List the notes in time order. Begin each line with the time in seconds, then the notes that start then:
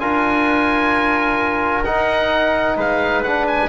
0.00 D4 F4 A#4 G#5
1.85 D#4 F#5
2.77 G#3 B4 F5
3.23 D4 F#5
3.48 G#5